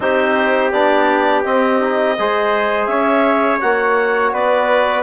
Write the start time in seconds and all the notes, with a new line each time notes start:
0.00 C4 D#4 G4 C5
0.71 B3 D4 D5
1.44 C4 D#5
1.80 D#4
2.18 G#3 G#4 C5
2.86 C#4 C#5 E5
3.60 A#3 F#4 F#5
4.32 B3 B4 D5